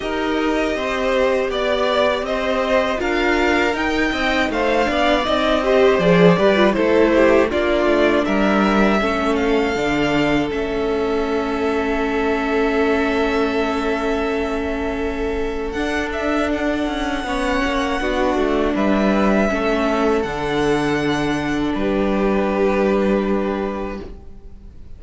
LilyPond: <<
  \new Staff \with { instrumentName = "violin" } { \time 4/4 \tempo 4 = 80 dis''2 d''4 dis''4 | f''4 g''4 f''4 dis''4 | d''4 c''4 d''4 e''4~ | e''8 f''4. e''2~ |
e''1~ | e''4 fis''8 e''8 fis''2~ | fis''4 e''2 fis''4~ | fis''4 b'2. | }
  \new Staff \with { instrumentName = "violin" } { \time 4/4 ais'4 c''4 d''4 c''4 | ais'4. dis''8 c''8 d''4 c''8~ | c''8 b'8 a'8 g'8 f'4 ais'4 | a'1~ |
a'1~ | a'2. cis''4 | fis'4 b'4 a'2~ | a'4 g'2. | }
  \new Staff \with { instrumentName = "viola" } { \time 4/4 g'1 | f'4 dis'4. d'8 dis'8 g'8 | gis'8 g'16 f'16 e'4 d'2 | cis'4 d'4 cis'2~ |
cis'1~ | cis'4 d'2 cis'4 | d'2 cis'4 d'4~ | d'1 | }
  \new Staff \with { instrumentName = "cello" } { \time 4/4 dis'4 c'4 b4 c'4 | d'4 dis'8 c'8 a8 b8 c'4 | f8 g8 a4 ais8 a8 g4 | a4 d4 a2~ |
a1~ | a4 d'4. cis'8 b8 ais8 | b8 a8 g4 a4 d4~ | d4 g2. | }
>>